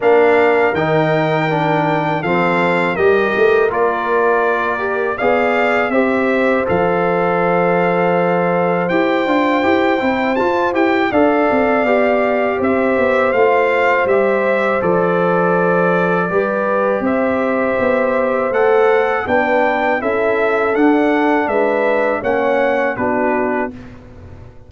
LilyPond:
<<
  \new Staff \with { instrumentName = "trumpet" } { \time 4/4 \tempo 4 = 81 f''4 g''2 f''4 | dis''4 d''2 f''4 | e''4 f''2. | g''2 a''8 g''8 f''4~ |
f''4 e''4 f''4 e''4 | d''2. e''4~ | e''4 fis''4 g''4 e''4 | fis''4 e''4 fis''4 b'4 | }
  \new Staff \with { instrumentName = "horn" } { \time 4/4 ais'2. a'4 | ais'2. d''4 | c''1~ | c''2. d''4~ |
d''4 c''2.~ | c''2 b'4 c''4~ | c''2 b'4 a'4~ | a'4 b'4 cis''4 fis'4 | }
  \new Staff \with { instrumentName = "trombone" } { \time 4/4 d'4 dis'4 d'4 c'4 | g'4 f'4. g'8 gis'4 | g'4 a'2. | g'8 f'8 g'8 e'8 f'8 g'8 a'4 |
g'2 f'4 g'4 | a'2 g'2~ | g'4 a'4 d'4 e'4 | d'2 cis'4 d'4 | }
  \new Staff \with { instrumentName = "tuba" } { \time 4/4 ais4 dis2 f4 | g8 a8 ais2 b4 | c'4 f2. | e'8 d'8 e'8 c'8 f'8 e'8 d'8 c'8 |
b4 c'8 b8 a4 g4 | f2 g4 c'4 | b4 a4 b4 cis'4 | d'4 gis4 ais4 b4 | }
>>